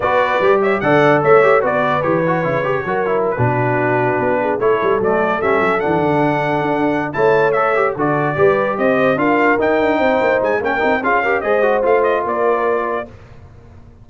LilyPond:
<<
  \new Staff \with { instrumentName = "trumpet" } { \time 4/4 \tempo 4 = 147 d''4. e''8 fis''4 e''4 | d''4 cis''2. | b'2.~ b'16 cis''8.~ | cis''16 d''4 e''4 fis''4.~ fis''16~ |
fis''4. a''4 e''4 d''8~ | d''4. dis''4 f''4 g''8~ | g''4. gis''8 g''4 f''4 | dis''4 f''8 dis''8 d''2 | }
  \new Staff \with { instrumentName = "horn" } { \time 4/4 b'4. cis''8 d''4 cis''4 | b'2. ais'4~ | ais'16 fis'2~ fis'8 gis'8 a'8.~ | a'1~ |
a'4. cis''2 a'8~ | a'8 b'4 c''4 ais'4.~ | ais'8 c''4. ais'4 gis'8 ais'8 | c''2 ais'2 | }
  \new Staff \with { instrumentName = "trombone" } { \time 4/4 fis'4 g'4 a'4. g'8 | fis'4 g'8 fis'8 e'8 g'8 fis'8 e'8~ | e'16 d'2. e'8.~ | e'16 a4 cis'4 d'4.~ d'16~ |
d'4. e'4 a'8 g'8 fis'8~ | fis'8 g'2 f'4 dis'8~ | dis'2 cis'8 dis'8 f'8 g'8 | gis'8 fis'8 f'2. | }
  \new Staff \with { instrumentName = "tuba" } { \time 4/4 b4 g4 d4 a4 | b4 e4 cis4 fis4~ | fis16 b,2 b4 a8 g16~ | g16 fis4 g8 fis8 e8 d4~ d16~ |
d16 d'4~ d'16 a2 d8~ | d8 g4 c'4 d'4 dis'8 | d'8 c'8 ais8 gis8 ais8 c'8 cis'4 | gis4 a4 ais2 | }
>>